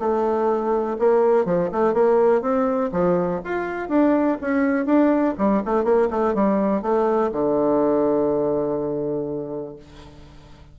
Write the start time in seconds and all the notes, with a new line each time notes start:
0.00 A3
0.99 A#3
1.46 F3
1.72 A3
1.94 A#3
2.42 C4
2.92 F3
3.45 F4
3.89 D4
4.41 C#4
4.86 D4
5.38 G3
5.65 A3
5.84 A#3
6.10 A3
6.34 G3
6.82 A3
7.32 D3